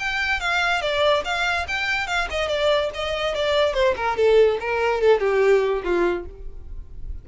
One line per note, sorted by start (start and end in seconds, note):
0.00 0.41 G5
0.41 0.82 F5
0.82 1.23 D5
1.25 1.67 F5
1.68 2.07 G5
2.07 2.28 F5
2.30 2.49 D#5
2.49 2.91 D5
2.95 3.35 D#5
3.35 3.74 D5
3.74 3.95 C5
3.97 4.17 A#4
4.17 4.59 A4
4.61 5.02 A#4
5.02 5.20 A4
5.20 5.83 G4
5.84 6.26 F4